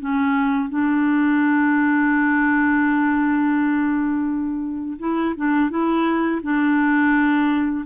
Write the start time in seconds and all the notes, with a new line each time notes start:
0.00 C#4
0.69 D4
4.99 E4
5.36 D4
5.70 E4
6.42 D4